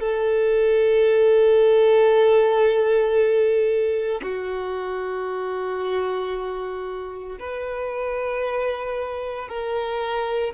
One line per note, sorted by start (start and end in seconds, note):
0.00 4.21 A4
4.22 7.38 F#4
7.39 9.48 B4
9.48 10.54 A#4